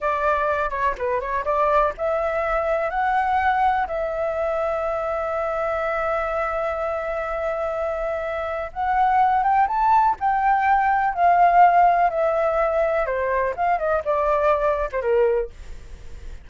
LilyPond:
\new Staff \with { instrumentName = "flute" } { \time 4/4 \tempo 4 = 124 d''4. cis''8 b'8 cis''8 d''4 | e''2 fis''2 | e''1~ | e''1~ |
e''2 fis''4. g''8 | a''4 g''2 f''4~ | f''4 e''2 c''4 | f''8 dis''8 d''4.~ d''16 c''16 ais'4 | }